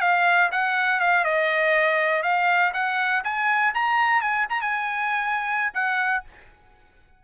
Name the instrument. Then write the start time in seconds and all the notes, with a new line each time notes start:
trumpet
0.00 F5
0.51 F#5
1.00 F5
1.24 D#5
2.22 F5
2.73 F#5
3.24 G#5
3.74 A#5
4.21 G#5
4.50 A#5
4.61 G#5
5.74 F#5